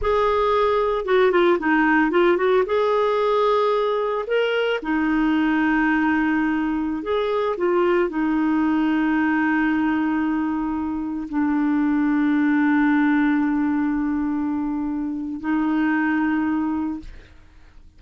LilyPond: \new Staff \with { instrumentName = "clarinet" } { \time 4/4 \tempo 4 = 113 gis'2 fis'8 f'8 dis'4 | f'8 fis'8 gis'2. | ais'4 dis'2.~ | dis'4~ dis'16 gis'4 f'4 dis'8.~ |
dis'1~ | dis'4~ dis'16 d'2~ d'8.~ | d'1~ | d'4 dis'2. | }